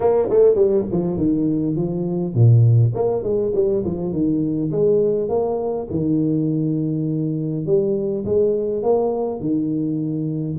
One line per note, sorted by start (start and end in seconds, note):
0.00 0.28 A#3
0.29 0.55 A3
0.55 0.84 G3
0.91 1.17 F3
1.17 1.76 D#3
1.76 2.34 F3
2.34 2.93 A#2
2.94 3.23 A#3
3.23 3.52 G#3
3.54 3.84 G3
3.84 4.12 F3
4.12 4.71 D#3
4.71 5.28 G#3
5.28 5.87 A#3
5.90 7.66 D#3
7.66 8.25 G3
8.25 8.82 G#3
8.82 9.40 A#3
9.40 10.58 D#3